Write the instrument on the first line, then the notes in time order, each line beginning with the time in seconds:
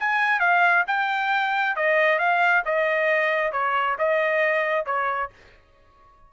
trumpet
0.00 G#5
0.40 F5
0.88 G5
1.76 D#5
2.19 F5
2.66 D#5
3.53 C#5
3.99 D#5
4.86 C#5